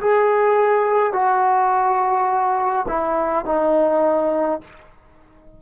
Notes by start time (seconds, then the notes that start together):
0.00 G#4
1.13 F#4
2.88 E4
3.45 D#4